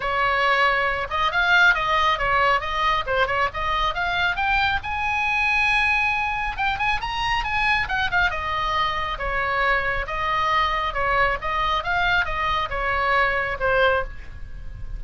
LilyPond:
\new Staff \with { instrumentName = "oboe" } { \time 4/4 \tempo 4 = 137 cis''2~ cis''8 dis''8 f''4 | dis''4 cis''4 dis''4 c''8 cis''8 | dis''4 f''4 g''4 gis''4~ | gis''2. g''8 gis''8 |
ais''4 gis''4 fis''8 f''8 dis''4~ | dis''4 cis''2 dis''4~ | dis''4 cis''4 dis''4 f''4 | dis''4 cis''2 c''4 | }